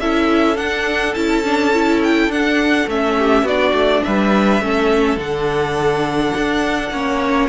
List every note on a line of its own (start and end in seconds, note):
0.00 0.58 C#4
0.00 0.56 E4
0.00 3.17 A4
0.00 0.57 E5
0.56 1.14 D4
0.56 1.15 D4
0.56 1.14 F#5
1.14 2.28 C#4
1.14 1.44 E4
1.14 2.00 A5
1.44 1.73 D4
1.73 2.31 E4
2.03 2.31 G5
2.28 2.86 D4
2.28 2.89 D4
2.28 2.89 F#5
2.87 3.43 A3
2.87 3.47 C#4
2.87 3.47 E5
3.17 3.44 G4
3.43 3.72 B3
3.43 4.62 D4
3.43 4.02 F#4
3.43 4.03 D5
3.73 4.02 A3
4.03 4.60 G3
4.03 4.64 B4
4.03 5.19 E5
4.60 5.17 A3
4.60 5.17 C#4
4.60 6.92 A4
5.17 6.32 D3
5.17 6.90 D4
5.17 7.49 F#5
6.37 6.91 D4
6.91 7.48 A#3
6.91 7.49 C#4
6.91 7.49 C#5